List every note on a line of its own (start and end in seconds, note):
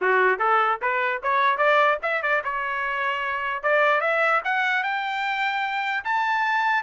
0.01 0.38 F#4
0.38 0.79 A4
0.81 1.21 B4
1.23 1.57 C#5
1.57 1.97 D5
2.02 2.22 E5
2.22 2.42 D5
2.43 3.63 C#5
3.63 4.00 D5
4.00 4.41 E5
4.44 4.83 F#5
4.83 6.04 G5
6.04 6.83 A5